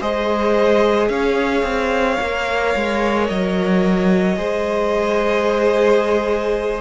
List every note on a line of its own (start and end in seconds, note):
0.00 1.09 G#3
0.00 2.19 G#4
0.00 1.09 C5
0.00 1.09 D#5
1.09 1.63 C#4
1.09 4.38 C#5
1.09 3.27 F5
1.63 2.17 C4
2.20 2.75 A#3
2.20 4.36 A#4
2.75 3.30 G#3
3.28 4.37 F#3
3.28 6.81 D#5
4.36 6.81 G#3
4.36 6.81 G#4
4.36 6.81 C5